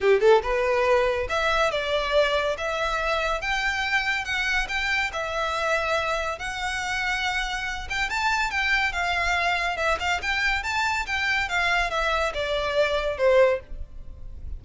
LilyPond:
\new Staff \with { instrumentName = "violin" } { \time 4/4 \tempo 4 = 141 g'8 a'8 b'2 e''4 | d''2 e''2 | g''2 fis''4 g''4 | e''2. fis''4~ |
fis''2~ fis''8 g''8 a''4 | g''4 f''2 e''8 f''8 | g''4 a''4 g''4 f''4 | e''4 d''2 c''4 | }